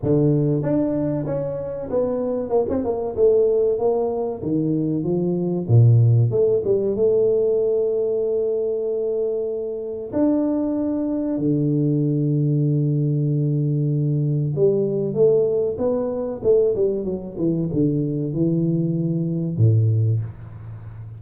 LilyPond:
\new Staff \with { instrumentName = "tuba" } { \time 4/4 \tempo 4 = 95 d4 d'4 cis'4 b4 | ais16 c'16 ais8 a4 ais4 dis4 | f4 ais,4 a8 g8 a4~ | a1 |
d'2 d2~ | d2. g4 | a4 b4 a8 g8 fis8 e8 | d4 e2 a,4 | }